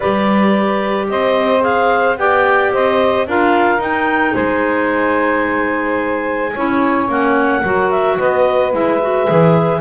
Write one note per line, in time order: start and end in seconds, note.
0.00 1.09 G3
0.00 1.60 G4
0.00 1.07 B4
0.00 1.09 D5
1.09 2.17 C4
1.09 2.19 C5
1.09 1.63 D#5
1.60 2.15 G#4
1.60 2.17 F5
2.17 2.72 B3
2.17 3.27 G4
2.17 2.72 D5
2.17 2.72 G5
2.72 3.26 C4
2.72 3.27 C5
2.72 3.27 D#5
3.26 3.78 D4
3.26 3.79 F4
3.26 4.33 A#4
3.26 3.81 F5
3.78 4.32 D#4
3.78 6.51 D#4
3.78 4.35 G5
4.33 6.54 G#3
4.33 6.51 C5
4.33 7.08 G#5
6.52 7.08 C#4
6.52 7.08 E4
6.52 7.62 C#5
7.08 7.62 A#3
7.08 7.63 C#4
7.08 7.90 F#5
7.62 8.18 F#3
7.62 8.72 F#4
7.62 8.17 A#4
7.90 8.17 E5
8.17 8.73 B3
8.17 9.80 B4
8.17 8.73 D#5
8.72 9.27 G#3
8.72 8.99 E4
8.72 9.80 E5
9.01 9.26 F#4
9.26 9.80 E3
9.26 9.80 G#4